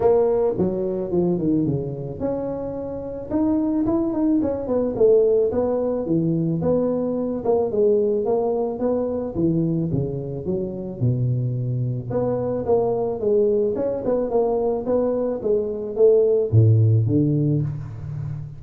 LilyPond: \new Staff \with { instrumentName = "tuba" } { \time 4/4 \tempo 4 = 109 ais4 fis4 f8 dis8 cis4 | cis'2 dis'4 e'8 dis'8 | cis'8 b8 a4 b4 e4 | b4. ais8 gis4 ais4 |
b4 e4 cis4 fis4 | b,2 b4 ais4 | gis4 cis'8 b8 ais4 b4 | gis4 a4 a,4 d4 | }